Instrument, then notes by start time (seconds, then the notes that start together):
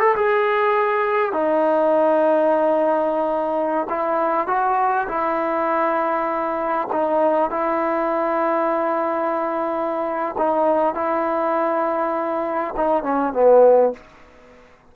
trombone
0.00 A4
0.16 G#4
1.33 D#4
3.89 E4
4.48 F#4
5.08 E4
6.92 D#4
7.51 E4
10.38 D#4
10.95 E4
12.77 D#4
13.03 C#4
13.33 B3